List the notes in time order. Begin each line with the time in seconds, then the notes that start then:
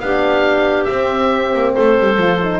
0.00 B3 D4 G4 F5
0.84 C4 E5
1.54 A#3
1.74 A3 A4 C5
1.99 G3
2.17 F3 F4
2.43 D#4